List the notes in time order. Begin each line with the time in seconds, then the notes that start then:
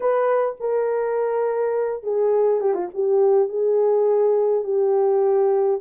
0.00 B4
0.60 A#4
2.03 G#4
2.60 G4
2.74 F4
2.94 G4
3.48 G#4
4.64 G4